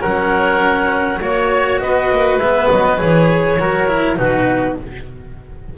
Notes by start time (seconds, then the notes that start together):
0.00 F#3 C#4 A#4 F#5
1.21 A#3 F#4 C#5
1.80 B3 B4 D#5
2.11 A#3
2.38 G#3 B3 E5
2.71 F#3 D#5
2.98 E3 G#4 C#5
3.59 F#3 F#4 A#4
3.88 E4
4.16 B2 D#4 F#4 B4